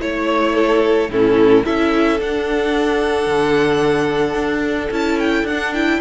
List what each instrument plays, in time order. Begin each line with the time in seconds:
0.00 cello A3, viola E4, violin C#5
0.56 violin A4
1.09 cello A2, viola C#4, violin E4 A4
1.65 cello C#4, viola E4, violin A4 E5
2.20 cello D4, viola D4, violin F#5
3.27 cello D3
4.35 cello D4
4.91 cello C#4, viola E4, violin A5
5.20 violin G5
5.44 cello D4, violin F#5
5.51 viola D4
5.74 viola E4, violin G5